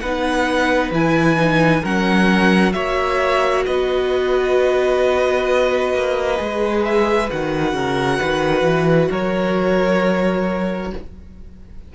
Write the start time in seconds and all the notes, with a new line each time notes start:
0.00 B3 D#4 B4 F#5
0.91 E3 E4 G#5
1.37 D#4
1.82 F#3 C#4 A#4 F#5
2.72 A#3 F#4 C#5 E5
3.66 B3 B4 D#5
5.94 A#3
6.37 G#3 G#4
6.84 E5
7.31 D#3 F#4 F#5
7.73 C#3 A#4
8.18 D#3 B4
8.63 E3
9.10 F#3 A#4 C#5